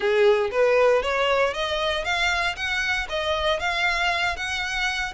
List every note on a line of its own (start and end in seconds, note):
0.00 0.50 G#4
0.51 1.02 B4
1.02 1.53 C#5
1.53 2.04 D#5
2.04 2.55 F5
2.55 3.07 F#5
3.09 3.59 D#5
3.59 4.36 F5
4.36 5.13 F#5